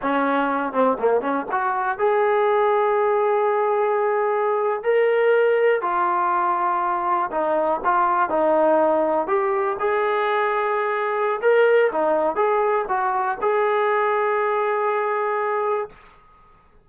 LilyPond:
\new Staff \with { instrumentName = "trombone" } { \time 4/4 \tempo 4 = 121 cis'4. c'8 ais8 cis'8 fis'4 | gis'1~ | gis'4.~ gis'16 ais'2 f'16~ | f'2~ f'8. dis'4 f'16~ |
f'8. dis'2 g'4 gis'16~ | gis'2. ais'4 | dis'4 gis'4 fis'4 gis'4~ | gis'1 | }